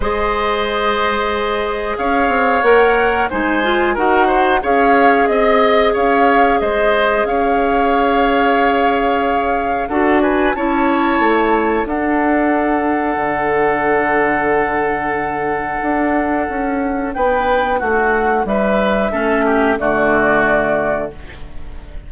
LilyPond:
<<
  \new Staff \with { instrumentName = "flute" } { \time 4/4 \tempo 4 = 91 dis''2. f''4 | fis''4 gis''4 fis''4 f''4 | dis''4 f''4 dis''4 f''4~ | f''2. fis''8 gis''8 |
a''2 fis''2~ | fis''1~ | fis''2 g''4 fis''4 | e''2 d''2 | }
  \new Staff \with { instrumentName = "oboe" } { \time 4/4 c''2. cis''4~ | cis''4 c''4 ais'8 c''8 cis''4 | dis''4 cis''4 c''4 cis''4~ | cis''2. a'8 b'8 |
cis''2 a'2~ | a'1~ | a'2 b'4 fis'4 | b'4 a'8 g'8 fis'2 | }
  \new Staff \with { instrumentName = "clarinet" } { \time 4/4 gis'1 | ais'4 dis'8 f'8 fis'4 gis'4~ | gis'1~ | gis'2. fis'4 |
e'2 d'2~ | d'1~ | d'1~ | d'4 cis'4 a2 | }
  \new Staff \with { instrumentName = "bassoon" } { \time 4/4 gis2. cis'8 c'8 | ais4 gis4 dis'4 cis'4 | c'4 cis'4 gis4 cis'4~ | cis'2. d'4 |
cis'4 a4 d'2 | d1 | d'4 cis'4 b4 a4 | g4 a4 d2 | }
>>